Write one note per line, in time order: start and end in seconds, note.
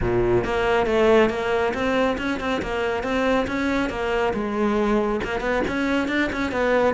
0.01 0.44 A#2
0.44 0.86 A#3
0.86 1.29 A3
1.29 1.73 A#3
1.74 2.17 C4
2.18 2.40 C#4
2.40 2.61 C4
2.61 3.03 A#3
3.03 3.46 C4
3.47 3.89 C#4
3.89 4.33 A#3
4.33 5.20 G#3
5.24 5.40 A#3
5.40 5.62 B3
5.67 6.08 C#4
6.08 6.29 D4
6.32 6.51 C#4
6.51 6.94 B3